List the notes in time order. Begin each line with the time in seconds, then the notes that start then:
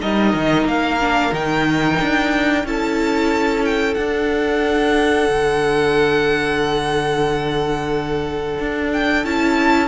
0.00 G3 D#4 A#4 D#5
0.33 D#3
0.64 A#3 F5
1.00 D4
1.32 D#3 D#4 G5
2.01 D4
2.64 C#4 E4 A4 A5
3.65 G5
3.94 D4 F#5
5.29 D3
8.59 D4
8.92 G5
9.25 C#4 E4 A5